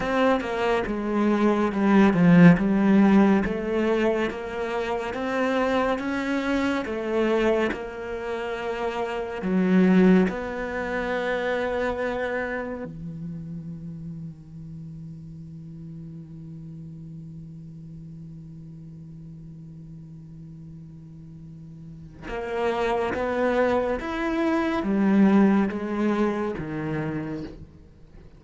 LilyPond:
\new Staff \with { instrumentName = "cello" } { \time 4/4 \tempo 4 = 70 c'8 ais8 gis4 g8 f8 g4 | a4 ais4 c'4 cis'4 | a4 ais2 fis4 | b2. e4~ |
e1~ | e1~ | e2 ais4 b4 | e'4 g4 gis4 dis4 | }